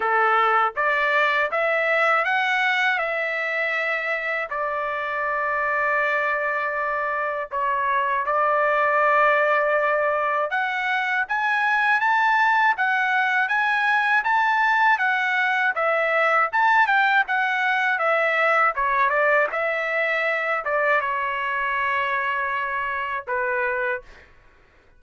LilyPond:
\new Staff \with { instrumentName = "trumpet" } { \time 4/4 \tempo 4 = 80 a'4 d''4 e''4 fis''4 | e''2 d''2~ | d''2 cis''4 d''4~ | d''2 fis''4 gis''4 |
a''4 fis''4 gis''4 a''4 | fis''4 e''4 a''8 g''8 fis''4 | e''4 cis''8 d''8 e''4. d''8 | cis''2. b'4 | }